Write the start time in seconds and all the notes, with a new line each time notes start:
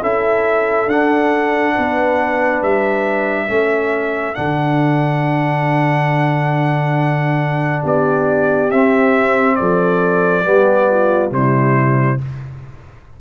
0.00 C#4 E4 A4 E5
0.86 D4 F#5
1.75 B3 B4
2.62 G3 E5
3.47 A3 C#4 A4
4.34 D3 D4 F#5
7.82 B3 G4 D5
8.70 C4 E5
9.55 F3 A4 D5
10.43 G3 B3 G4
10.90 F4
11.31 C3 G3 E4 C5